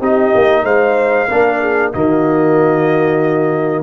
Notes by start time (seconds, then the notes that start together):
0.00 C4 D#4 G4 D#5
0.35 A#3
0.64 G#3 C5 F5
1.28 A#3 D4 A#4
1.61 G#4
1.93 D#3 A#3 F#4 D#5